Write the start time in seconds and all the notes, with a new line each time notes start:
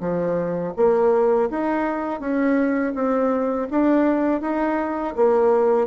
0.00 F3
0.76 A#3
1.50 D#4
2.20 C#4
2.94 C4
3.71 D4
4.41 D#4
5.16 A#3